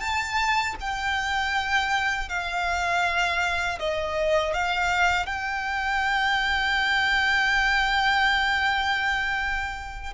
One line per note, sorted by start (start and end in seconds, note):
0.00 0.75 A5
0.80 2.29 G5
2.29 3.79 F5
3.79 4.53 D#5
4.53 5.26 F5
5.26 10.14 G5